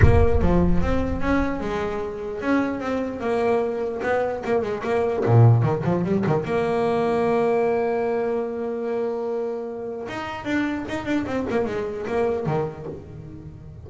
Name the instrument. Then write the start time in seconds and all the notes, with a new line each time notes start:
double bass
0.02 A#3
0.41 F3
0.81 C4
1.21 C#4
1.60 G#3
2.41 C#4
2.80 C4
3.20 A#3
4.02 B3
4.44 A#3
4.62 G#3
4.83 A#3
5.25 A#2
5.63 D#3
5.84 F3
6.04 G3
6.27 D#3
6.44 A#3
10.08 D#4
10.44 D4
10.88 D#4
11.05 D4
11.26 C4
11.50 A#3
11.65 G#3
12.07 A#3
12.45 D#3